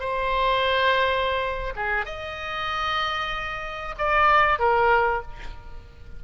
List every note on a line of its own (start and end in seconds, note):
0.00 1.74 C5
1.76 2.06 G#4
2.06 3.95 D#5
3.98 4.59 D5
4.59 5.22 A#4